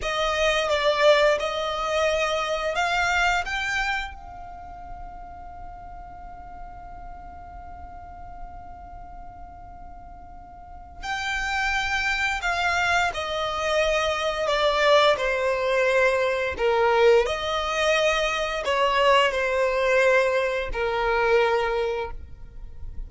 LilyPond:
\new Staff \with { instrumentName = "violin" } { \time 4/4 \tempo 4 = 87 dis''4 d''4 dis''2 | f''4 g''4 f''2~ | f''1~ | f''1 |
g''2 f''4 dis''4~ | dis''4 d''4 c''2 | ais'4 dis''2 cis''4 | c''2 ais'2 | }